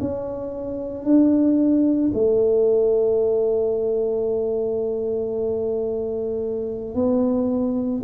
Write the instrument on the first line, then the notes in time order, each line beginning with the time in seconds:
tuba
0.00 C#4
1.04 D4
2.14 A3
6.94 B3